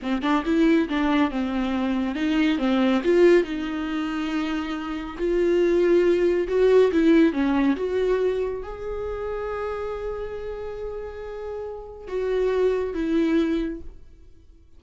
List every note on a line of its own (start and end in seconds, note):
0.02 0.22 C4
0.22 0.43 D4
0.45 0.88 E4
0.88 1.30 D4
1.30 2.15 C4
2.15 2.58 D#4
2.58 3.01 C4
3.04 3.43 F4
3.43 5.16 D#4
5.18 6.47 F4
6.48 6.91 F#4
6.92 7.32 E4
7.32 7.76 C#4
7.76 8.62 F#4
8.62 12.07 G#4
12.07 12.94 F#4
12.94 13.80 E4